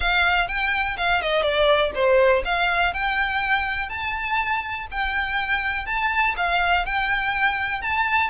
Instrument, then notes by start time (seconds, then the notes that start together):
violin
0.00 F5
0.48 G5
0.97 F5
1.21 D#5
1.42 D5
1.94 C5
2.44 F5
2.93 G5
3.89 A5
4.91 G5
5.86 A5
6.37 F5
6.85 G5
7.81 A5